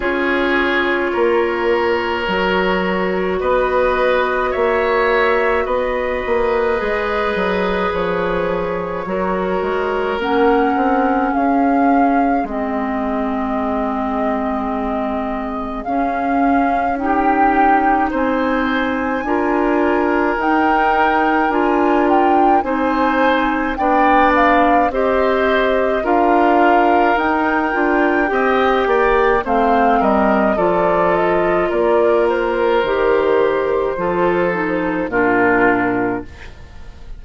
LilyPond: <<
  \new Staff \with { instrumentName = "flute" } { \time 4/4 \tempo 4 = 53 cis''2. dis''4 | e''4 dis''2 cis''4~ | cis''4 fis''4 f''4 dis''4~ | dis''2 f''4 g''4 |
gis''2 g''4 gis''8 g''8 | gis''4 g''8 f''8 dis''4 f''4 | g''2 f''8 dis''8 d''8 dis''8 | d''8 c''2~ c''8 ais'4 | }
  \new Staff \with { instrumentName = "oboe" } { \time 4/4 gis'4 ais'2 b'4 | cis''4 b'2. | ais'2 gis'2~ | gis'2. g'4 |
c''4 ais'2. | c''4 d''4 c''4 ais'4~ | ais'4 dis''8 d''8 c''8 ais'8 a'4 | ais'2 a'4 f'4 | }
  \new Staff \with { instrumentName = "clarinet" } { \time 4/4 f'2 fis'2~ | fis'2 gis'2 | fis'4 cis'2 c'4~ | c'2 cis'4 dis'4~ |
dis'4 f'4 dis'4 f'4 | dis'4 d'4 g'4 f'4 | dis'8 f'8 g'4 c'4 f'4~ | f'4 g'4 f'8 dis'8 d'4 | }
  \new Staff \with { instrumentName = "bassoon" } { \time 4/4 cis'4 ais4 fis4 b4 | ais4 b8 ais8 gis8 fis8 f4 | fis8 gis8 ais8 c'8 cis'4 gis4~ | gis2 cis'2 |
c'4 d'4 dis'4 d'4 | c'4 b4 c'4 d'4 | dis'8 d'8 c'8 ais8 a8 g8 f4 | ais4 dis4 f4 ais,4 | }
>>